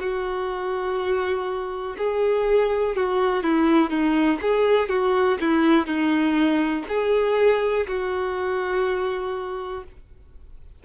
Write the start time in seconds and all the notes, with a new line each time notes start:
0.00 F#4
1.98 G#4
2.96 F#4
3.43 E4
3.90 D#4
4.42 G#4
4.89 F#4
5.41 E4
5.87 D#4
6.89 G#4
7.87 F#4